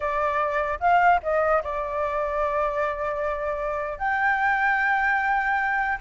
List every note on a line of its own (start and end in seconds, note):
0.00 0.79 D5
0.80 1.20 F5
1.23 1.63 D#5
1.63 3.98 D5
3.98 5.98 G5